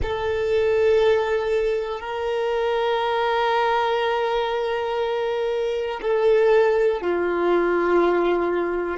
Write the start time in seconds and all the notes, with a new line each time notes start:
0.02 A4
2.00 A#4
6.01 A4
7.00 F4